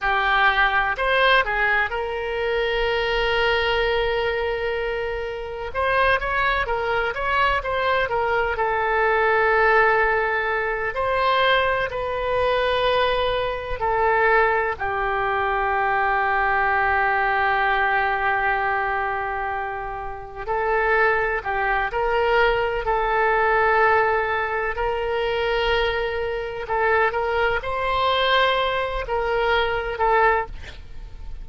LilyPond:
\new Staff \with { instrumentName = "oboe" } { \time 4/4 \tempo 4 = 63 g'4 c''8 gis'8 ais'2~ | ais'2 c''8 cis''8 ais'8 cis''8 | c''8 ais'8 a'2~ a'8 c''8~ | c''8 b'2 a'4 g'8~ |
g'1~ | g'4. a'4 g'8 ais'4 | a'2 ais'2 | a'8 ais'8 c''4. ais'4 a'8 | }